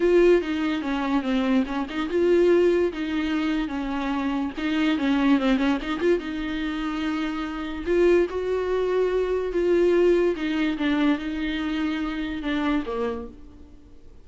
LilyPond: \new Staff \with { instrumentName = "viola" } { \time 4/4 \tempo 4 = 145 f'4 dis'4 cis'4 c'4 | cis'8 dis'8 f'2 dis'4~ | dis'4 cis'2 dis'4 | cis'4 c'8 cis'8 dis'8 f'8 dis'4~ |
dis'2. f'4 | fis'2. f'4~ | f'4 dis'4 d'4 dis'4~ | dis'2 d'4 ais4 | }